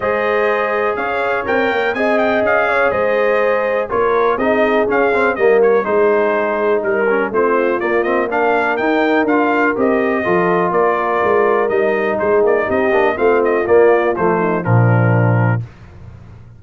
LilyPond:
<<
  \new Staff \with { instrumentName = "trumpet" } { \time 4/4 \tempo 4 = 123 dis''2 f''4 g''4 | gis''8 g''8 f''4 dis''2 | cis''4 dis''4 f''4 dis''8 cis''8 | c''2 ais'4 c''4 |
d''8 dis''8 f''4 g''4 f''4 | dis''2 d''2 | dis''4 c''8 d''8 dis''4 f''8 dis''8 | d''4 c''4 ais'2 | }
  \new Staff \with { instrumentName = "horn" } { \time 4/4 c''2 cis''2 | dis''4. cis''8 c''2 | ais'4 gis'2 ais'4 | gis'2 ais'4 f'4~ |
f'4 ais'2.~ | ais'4 a'4 ais'2~ | ais'4 gis'4 g'4 f'4~ | f'4. dis'8 d'2 | }
  \new Staff \with { instrumentName = "trombone" } { \time 4/4 gis'2. ais'4 | gis'1 | f'4 dis'4 cis'8 c'8 ais4 | dis'2~ dis'8 cis'8 c'4 |
ais8 c'8 d'4 dis'4 f'4 | g'4 f'2. | dis'2~ dis'8 d'8 c'4 | ais4 a4 f2 | }
  \new Staff \with { instrumentName = "tuba" } { \time 4/4 gis2 cis'4 c'8 ais8 | c'4 cis'4 gis2 | ais4 c'4 cis'4 g4 | gis2 g4 a4 |
ais2 dis'4 d'4 | c'4 f4 ais4 gis4 | g4 gis8 ais8 c'8 ais8 a4 | ais4 f4 ais,2 | }
>>